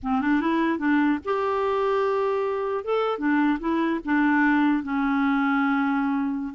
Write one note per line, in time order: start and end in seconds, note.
0.03 0.21 C4
0.21 0.40 D4
0.40 0.78 E4
0.78 1.18 D4
1.24 2.84 G4
2.84 3.18 A4
3.18 3.58 D4
3.59 4.00 E4
4.05 4.83 D4
4.83 6.54 C#4